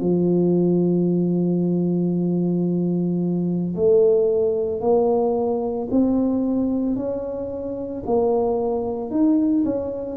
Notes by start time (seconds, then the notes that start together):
0.00 F3
3.75 A3
4.81 A#3
5.90 C4
6.96 C#4
8.06 A#3
9.10 D#4
9.65 C#4